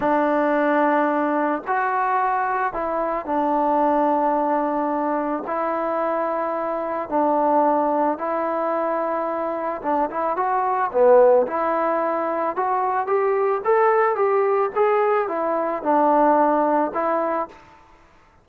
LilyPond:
\new Staff \with { instrumentName = "trombone" } { \time 4/4 \tempo 4 = 110 d'2. fis'4~ | fis'4 e'4 d'2~ | d'2 e'2~ | e'4 d'2 e'4~ |
e'2 d'8 e'8 fis'4 | b4 e'2 fis'4 | g'4 a'4 g'4 gis'4 | e'4 d'2 e'4 | }